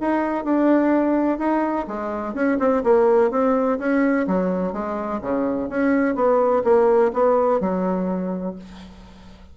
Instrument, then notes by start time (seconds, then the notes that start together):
bassoon
0.00 D#4
0.44 D4
1.38 D#4
1.87 G#3
2.34 C#4
2.59 C4
2.83 A#3
3.31 C4
3.78 C#4
4.27 F#3
4.73 G#3
5.21 C#3
5.69 C#4
6.15 B3
6.63 A#3
7.13 B3
7.60 F#3